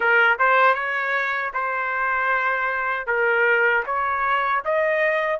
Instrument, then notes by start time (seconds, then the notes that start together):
trumpet
0.00 A#4
0.38 C5
0.74 C#5
1.53 C5
3.06 A#4
3.85 C#5
4.64 D#5